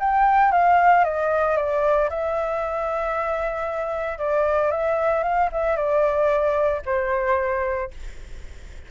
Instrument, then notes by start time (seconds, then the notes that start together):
flute
0.00 G5
0.52 F5
1.05 D#5
1.57 D5
2.10 E5
4.19 D5
4.72 E5
5.23 F5
5.52 E5
5.77 D5
6.86 C5